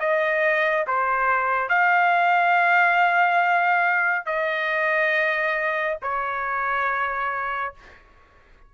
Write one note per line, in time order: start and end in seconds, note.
0.00 0.86 D#5
0.87 1.69 C5
1.69 4.26 F5
4.26 5.98 D#5
6.03 7.74 C#5